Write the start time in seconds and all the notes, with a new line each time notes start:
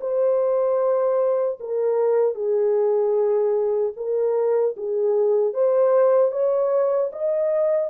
0.00 C5
1.60 A#4
2.34 G#4
3.96 A#4
4.76 G#4
5.53 C5
6.32 C#5
7.12 D#5